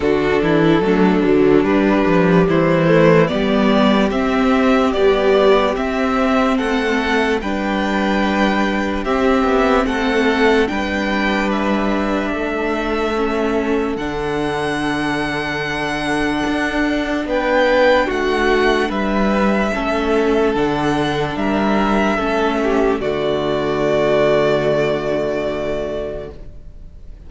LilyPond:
<<
  \new Staff \with { instrumentName = "violin" } { \time 4/4 \tempo 4 = 73 a'2 b'4 c''4 | d''4 e''4 d''4 e''4 | fis''4 g''2 e''4 | fis''4 g''4 e''2~ |
e''4 fis''2.~ | fis''4 g''4 fis''4 e''4~ | e''4 fis''4 e''2 | d''1 | }
  \new Staff \with { instrumentName = "violin" } { \time 4/4 fis'8 e'8 d'2 e'4 | g'1 | a'4 b'2 g'4 | a'4 b'2 a'4~ |
a'1~ | a'4 b'4 fis'4 b'4 | a'2 ais'4 a'8 g'8 | fis'1 | }
  \new Staff \with { instrumentName = "viola" } { \time 4/4 d'4 a8 fis8 g4. a8 | b4 c'4 g4 c'4~ | c'4 d'2 c'4~ | c'4 d'2. |
cis'4 d'2.~ | d'1 | cis'4 d'2 cis'4 | a1 | }
  \new Staff \with { instrumentName = "cello" } { \time 4/4 d8 e8 fis8 d8 g8 f8 e4 | g4 c'4 b4 c'4 | a4 g2 c'8 b8 | a4 g2 a4~ |
a4 d2. | d'4 b4 a4 g4 | a4 d4 g4 a4 | d1 | }
>>